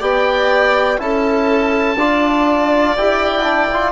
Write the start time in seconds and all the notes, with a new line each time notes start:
0.00 B3 G4 D5 G5
0.99 C#4 E4 A4 A5
1.97 D4 F4 D5
2.98 E4 G4 G5
3.43 D4
3.74 F4